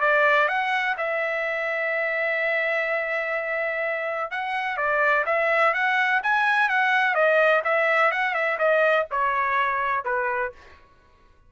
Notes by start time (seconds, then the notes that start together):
0.00 D5
0.48 F#5
0.97 E5
4.31 F#5
4.77 D5
5.26 E5
5.73 F#5
6.23 G#5
6.69 F#5
7.14 D#5
7.64 E5
8.11 F#5
8.34 E5
8.58 D#5
9.11 C#5
10.04 B4